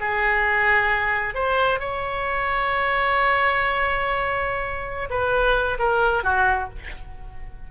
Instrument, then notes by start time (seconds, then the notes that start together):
oboe
0.00 G#4
1.34 C5
1.80 C#5
5.10 B4
5.79 A#4
6.24 F#4